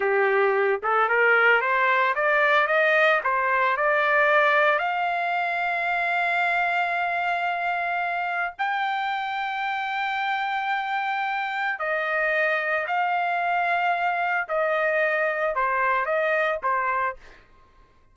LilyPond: \new Staff \with { instrumentName = "trumpet" } { \time 4/4 \tempo 4 = 112 g'4. a'8 ais'4 c''4 | d''4 dis''4 c''4 d''4~ | d''4 f''2.~ | f''1 |
g''1~ | g''2 dis''2 | f''2. dis''4~ | dis''4 c''4 dis''4 c''4 | }